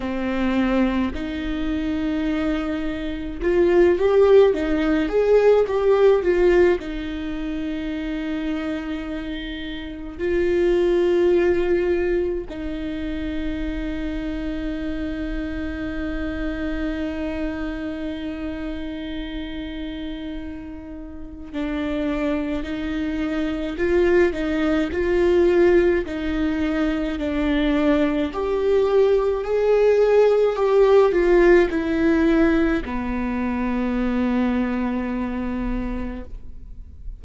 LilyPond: \new Staff \with { instrumentName = "viola" } { \time 4/4 \tempo 4 = 53 c'4 dis'2 f'8 g'8 | dis'8 gis'8 g'8 f'8 dis'2~ | dis'4 f'2 dis'4~ | dis'1~ |
dis'2. d'4 | dis'4 f'8 dis'8 f'4 dis'4 | d'4 g'4 gis'4 g'8 f'8 | e'4 b2. | }